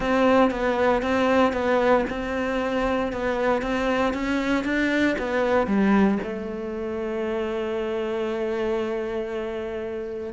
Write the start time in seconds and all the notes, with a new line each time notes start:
0.00 C4
0.51 B3
1.02 C4
1.53 B3
2.09 C4
3.12 B3
3.61 C4
4.13 C#4
4.64 D4
5.18 B3
5.66 G3
6.23 A3